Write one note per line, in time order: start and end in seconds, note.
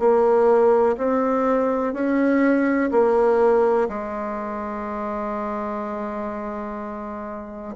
0.00 0.97 A#3
0.98 1.94 C4
1.94 2.91 C#4
2.92 3.88 A#3
3.89 7.76 G#3